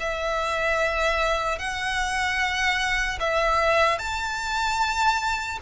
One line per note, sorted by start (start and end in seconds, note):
0.00 1.59 E5
1.59 3.19 F#5
3.20 3.99 E5
3.99 5.59 A5